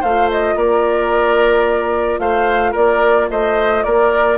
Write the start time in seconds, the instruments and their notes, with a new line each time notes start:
0.00 bassoon A3, clarinet F4, oboe C5, flute F5
0.31 flute D#5
0.56 bassoon A#3, oboe A#4, flute D5
2.19 bassoon A3, oboe C5, flute F5
2.72 bassoon A#3, oboe A#4, flute D5
3.30 bassoon A3, oboe C5, flute D#5
3.83 bassoon A#3, oboe A#4, flute D5